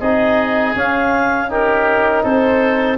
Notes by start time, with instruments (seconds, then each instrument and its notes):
0.00 tuba C4, trombone D#4, oboe G#4, clarinet D#5
0.75 trombone C#4, tuba C#4, clarinet F5
1.49 trombone D#4, oboe G4, clarinet A#4
2.23 tuba C4, oboe A4, clarinet C5